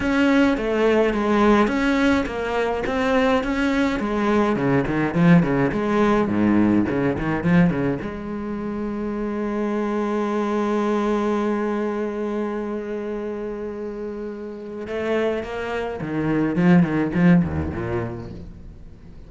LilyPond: \new Staff \with { instrumentName = "cello" } { \time 4/4 \tempo 4 = 105 cis'4 a4 gis4 cis'4 | ais4 c'4 cis'4 gis4 | cis8 dis8 f8 cis8 gis4 gis,4 | cis8 dis8 f8 cis8 gis2~ |
gis1~ | gis1~ | gis2 a4 ais4 | dis4 f8 dis8 f8 dis,8 ais,4 | }